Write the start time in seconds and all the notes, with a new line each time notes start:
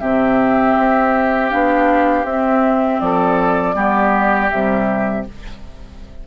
0.00 C3 C4 G4 E5
0.78 C4
1.50 B3 D4 F5
2.24 C4 E5
3.00 F3 A4 D5
3.75 G3 B3 G4
4.50 C3 G3 E5